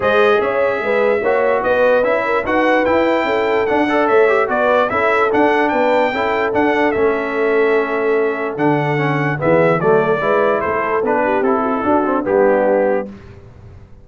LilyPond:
<<
  \new Staff \with { instrumentName = "trumpet" } { \time 4/4 \tempo 4 = 147 dis''4 e''2. | dis''4 e''4 fis''4 g''4~ | g''4 fis''4 e''4 d''4 | e''4 fis''4 g''2 |
fis''4 e''2.~ | e''4 fis''2 e''4 | d''2 c''4 b'4 | a'2 g'2 | }
  \new Staff \with { instrumentName = "horn" } { \time 4/4 c''4 cis''4 b'4 cis''4 | b'4. ais'8 b'2 | a'4. d''8 cis''4 b'4 | a'2 b'4 a'4~ |
a'1~ | a'2. gis'4 | a'4 b'4 a'4. g'8~ | g'8 fis'16 e'16 fis'4 d'2 | }
  \new Staff \with { instrumentName = "trombone" } { \time 4/4 gis'2. fis'4~ | fis'4 e'4 fis'4 e'4~ | e'4 d'8 a'4 g'8 fis'4 | e'4 d'2 e'4 |
d'4 cis'2.~ | cis'4 d'4 cis'4 b4 | a4 e'2 d'4 | e'4 d'8 c'8 b2 | }
  \new Staff \with { instrumentName = "tuba" } { \time 4/4 gis4 cis'4 gis4 ais4 | b4 cis'4 dis'4 e'4 | cis'4 d'4 a4 b4 | cis'4 d'4 b4 cis'4 |
d'4 a2.~ | a4 d2 e4 | fis4 gis4 a4 b4 | c'4 d'4 g2 | }
>>